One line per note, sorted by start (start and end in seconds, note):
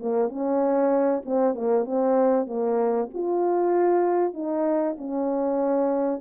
0.00 0.29 A#3
0.29 1.23 C#4
1.25 1.55 C4
1.55 1.85 A#3
1.85 2.47 C4
2.47 3.09 A#3
3.14 4.34 F4
4.34 4.96 D#4
4.98 6.21 C#4